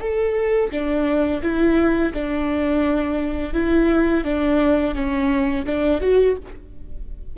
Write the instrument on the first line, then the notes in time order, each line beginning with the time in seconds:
viola
0.00 A4
0.71 D4
1.42 E4
2.13 D4
3.54 E4
4.24 D4
4.95 C#4
5.66 D4
6.01 F#4